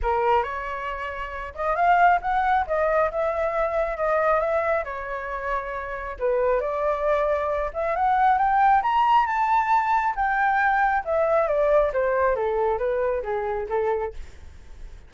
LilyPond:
\new Staff \with { instrumentName = "flute" } { \time 4/4 \tempo 4 = 136 ais'4 cis''2~ cis''8 dis''8 | f''4 fis''4 dis''4 e''4~ | e''4 dis''4 e''4 cis''4~ | cis''2 b'4 d''4~ |
d''4. e''8 fis''4 g''4 | ais''4 a''2 g''4~ | g''4 e''4 d''4 c''4 | a'4 b'4 gis'4 a'4 | }